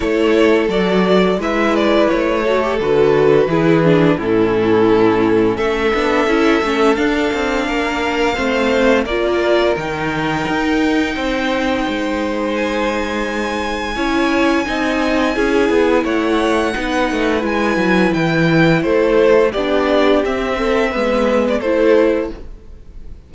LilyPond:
<<
  \new Staff \with { instrumentName = "violin" } { \time 4/4 \tempo 4 = 86 cis''4 d''4 e''8 d''8 cis''4 | b'2 a'2 | e''2 f''2~ | f''4 d''4 g''2~ |
g''2 gis''2~ | gis''2. fis''4~ | fis''4 gis''4 g''4 c''4 | d''4 e''4.~ e''16 d''16 c''4 | }
  \new Staff \with { instrumentName = "violin" } { \time 4/4 a'2 b'4. a'8~ | a'4 gis'4 e'2 | a'2. ais'4 | c''4 ais'2. |
c''1 | cis''4 dis''4 gis'4 cis''4 | b'2. a'4 | g'4. a'8 b'4 a'4 | }
  \new Staff \with { instrumentName = "viola" } { \time 4/4 e'4 fis'4 e'4. fis'16 g'16 | fis'4 e'8 d'8 cis'2~ | cis'8 d'8 e'8 cis'8 d'2 | c'4 f'4 dis'2~ |
dis'1 | e'4 dis'4 e'2 | dis'4 e'2. | d'4 c'4 b4 e'4 | }
  \new Staff \with { instrumentName = "cello" } { \time 4/4 a4 fis4 gis4 a4 | d4 e4 a,2 | a8 b8 cis'8 a8 d'8 c'8 ais4 | a4 ais4 dis4 dis'4 |
c'4 gis2. | cis'4 c'4 cis'8 b8 a4 | b8 a8 gis8 fis8 e4 a4 | b4 c'4 gis4 a4 | }
>>